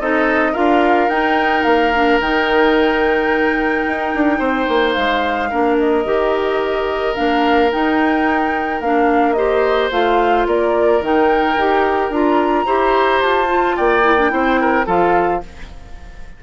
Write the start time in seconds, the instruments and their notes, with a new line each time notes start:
0.00 bassoon C4, clarinet D#4, oboe A4, flute D#5
0.53 bassoon D4, clarinet F4, oboe A#4, flute F5
1.09 bassoon D#4, clarinet D#4, flute G5
1.64 bassoon A#3, flute F5
1.94 clarinet D4
2.20 bassoon D#3, clarinet D#4, flute G5
3.87 bassoon D#4
4.15 bassoon D4
4.39 bassoon C4, oboe C5
4.68 bassoon A#3
4.94 bassoon G#3, flute F5
5.51 bassoon A#3, clarinet D4, oboe A#4
5.79 flute D#5
6.05 bassoon D#3, clarinet G4
7.15 bassoon A#3, clarinet D4, flute F5
7.72 clarinet D#4, bassoon D#4, flute G5
8.81 bassoon A#3, clarinet D4, flute F5
9.34 clarinet G4, oboe C5, flute D#5
9.91 bassoon A3, clarinet F4, flute F5
10.47 bassoon A#3, oboe A#4, flute D5
11.01 bassoon D#3, clarinet D#4, flute G5
11.57 bassoon D#4, clarinet G4
12.10 bassoon D4, clarinet F4, flute A#5
12.66 bassoon E4, clarinet G4, oboe C5
13.22 bassoon F4, flute A5
13.47 clarinet F4
13.77 bassoon A#3, oboe D5, flute G5
14.03 clarinet E4
14.18 clarinet D4
14.30 bassoon C4, clarinet E4, oboe C5
14.61 oboe A#4
14.86 bassoon F3, clarinet F4, oboe A4, flute F5